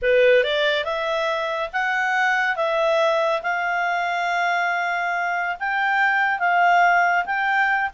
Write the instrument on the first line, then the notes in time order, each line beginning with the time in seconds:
clarinet
0.02 B4
0.43 D5
0.84 E5
1.72 F#5
2.56 E5
3.42 F5
5.59 G5
6.39 F5
7.25 G5